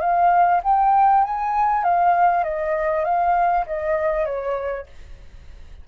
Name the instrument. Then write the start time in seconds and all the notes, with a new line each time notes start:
flute
0.00 F5
0.63 G5
1.23 G#5
1.83 F5
2.44 D#5
3.04 F5
3.66 D#5
4.25 C#5